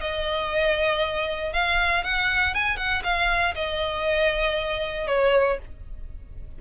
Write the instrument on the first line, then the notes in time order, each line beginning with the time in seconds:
violin
0.00 D#5
1.53 F5
2.03 F#5
2.54 G#5
2.77 F#5
3.03 F5
3.55 D#5
5.07 C#5